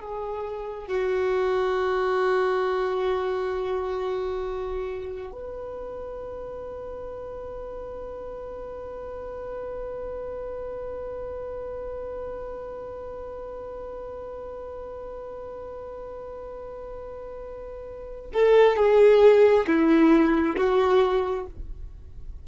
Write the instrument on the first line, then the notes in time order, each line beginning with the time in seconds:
violin
0.00 G#4
0.87 F#4
5.32 B4
18.33 A4
18.77 G#4
19.66 E4
20.56 F#4